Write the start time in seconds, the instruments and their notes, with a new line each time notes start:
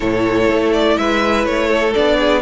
0.00 cello A2, viola E4, violin A4 C#5
0.49 cello A3
0.72 violin D5
0.97 cello G#3, violin B4 E5
1.45 cello A3, violin C#5
1.68 violin A4
1.94 cello B3, viola D4, violin D5
2.19 violin G#4